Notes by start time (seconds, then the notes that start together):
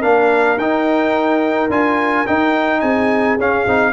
0.00 A#3 D4 A#4 F5
0.57 D#4 G5
1.70 D4 F4 G#5
2.27 D#4 G5
2.81 C4 G#4 G#5
3.39 C#4 F5
3.67 C4 D#4